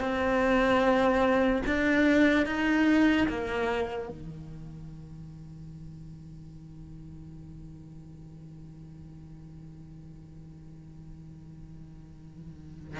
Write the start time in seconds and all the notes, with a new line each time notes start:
0.00 C4
1.65 D4
2.46 D#4
3.28 A#3
4.08 D#3